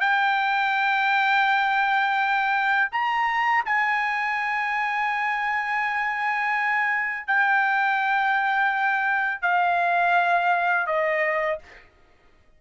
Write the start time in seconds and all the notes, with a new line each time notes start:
0.00 G5
2.92 A#5
3.65 G#5
7.27 G5
9.42 F5
10.86 D#5